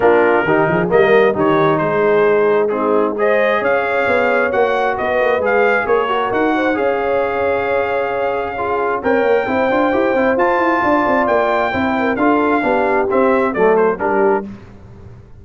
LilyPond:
<<
  \new Staff \with { instrumentName = "trumpet" } { \time 4/4 \tempo 4 = 133 ais'2 dis''4 cis''4 | c''2 gis'4 dis''4 | f''2 fis''4 dis''4 | f''4 cis''4 fis''4 f''4~ |
f''1 | g''2. a''4~ | a''4 g''2 f''4~ | f''4 e''4 d''8 c''8 ais'4 | }
  \new Staff \with { instrumentName = "horn" } { \time 4/4 f'4 g'8 gis'8 ais'4 g'4 | gis'2 dis'4 c''4 | cis''2. b'4~ | b'4 ais'4. c''8 cis''4~ |
cis''2. gis'4 | cis''4 c''2. | d''2 c''8 ais'8 a'4 | g'2 a'4 g'4 | }
  \new Staff \with { instrumentName = "trombone" } { \time 4/4 d'4 dis'4 ais4 dis'4~ | dis'2 c'4 gis'4~ | gis'2 fis'2 | gis'4. fis'4. gis'4~ |
gis'2. f'4 | ais'4 e'8 f'8 g'8 e'8 f'4~ | f'2 e'4 f'4 | d'4 c'4 a4 d'4 | }
  \new Staff \with { instrumentName = "tuba" } { \time 4/4 ais4 dis8 f8 g4 dis4 | gis1 | cis'4 b4 ais4 b8 ais8 | gis4 ais4 dis'4 cis'4~ |
cis'1 | c'8 ais8 c'8 d'8 e'8 c'8 f'8 e'8 | d'8 c'8 ais4 c'4 d'4 | b4 c'4 fis4 g4 | }
>>